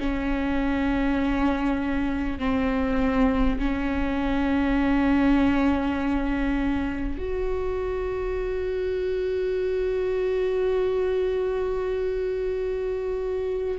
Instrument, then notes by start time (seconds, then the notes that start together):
viola
0.00 C#4
2.39 C4
3.59 C#4
7.19 F#4